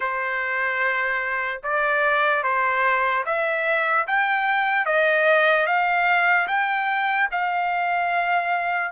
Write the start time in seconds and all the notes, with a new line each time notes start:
0.00 C5
1.63 D5
2.43 C5
3.25 E5
4.07 G5
4.85 D#5
5.66 F5
6.47 G5
7.31 F5